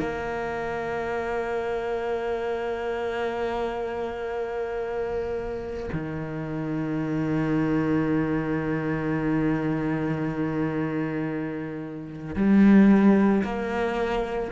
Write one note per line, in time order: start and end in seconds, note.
0.00 5.89 A#3
5.93 12.36 D#3
12.36 13.43 G3
13.44 14.51 A#3